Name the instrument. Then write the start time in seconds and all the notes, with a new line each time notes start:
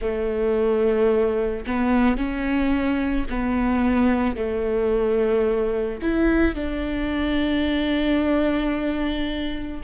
viola
0.01 A3
1.66 B3
2.17 C#4
3.29 B3
4.36 A3
6.01 E4
6.55 D4